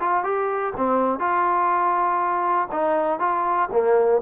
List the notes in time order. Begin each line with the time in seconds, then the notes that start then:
0.00 F4
0.24 G4
0.77 C4
1.20 F4
2.72 D#4
3.20 F4
3.73 A#3